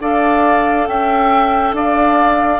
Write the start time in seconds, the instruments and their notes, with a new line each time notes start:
0.00 bassoon D4, clarinet A4, oboe D5, flute F5
0.87 bassoon C#4, oboe E5, flute G5
1.72 bassoon D4, oboe D5, flute F5